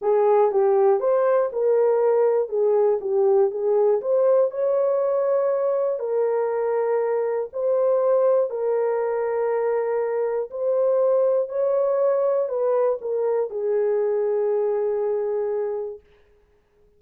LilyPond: \new Staff \with { instrumentName = "horn" } { \time 4/4 \tempo 4 = 120 gis'4 g'4 c''4 ais'4~ | ais'4 gis'4 g'4 gis'4 | c''4 cis''2. | ais'2. c''4~ |
c''4 ais'2.~ | ais'4 c''2 cis''4~ | cis''4 b'4 ais'4 gis'4~ | gis'1 | }